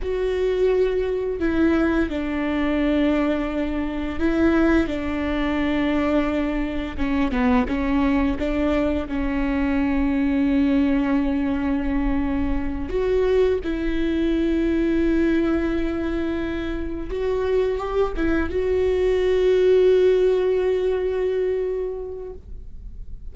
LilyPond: \new Staff \with { instrumentName = "viola" } { \time 4/4 \tempo 4 = 86 fis'2 e'4 d'4~ | d'2 e'4 d'4~ | d'2 cis'8 b8 cis'4 | d'4 cis'2.~ |
cis'2~ cis'8 fis'4 e'8~ | e'1~ | e'8 fis'4 g'8 e'8 fis'4.~ | fis'1 | }